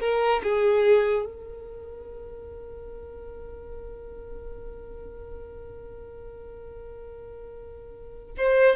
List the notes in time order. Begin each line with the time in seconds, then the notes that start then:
0.00 A#4
0.43 G#4
1.25 A#4
8.37 C5